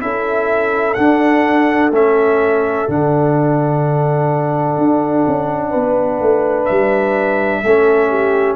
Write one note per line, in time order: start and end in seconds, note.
0.00 0.96 C#4
0.00 0.95 E4
0.00 5.69 A4
0.00 0.94 E5
0.94 1.91 D4
0.94 1.90 D4
0.94 1.89 F#5
1.90 2.86 A3
1.90 2.88 C#4
1.90 2.90 E5
2.88 4.78 D3
2.88 7.64 D4
2.88 6.65 F#5
4.78 5.25 D4
5.27 5.74 C#4
5.69 6.20 B3
5.69 7.60 B4
6.20 6.68 A3
6.65 7.62 G3
6.65 8.55 E5
7.62 8.56 A3
7.62 8.56 C#4
7.62 8.09 A4
8.09 8.56 G4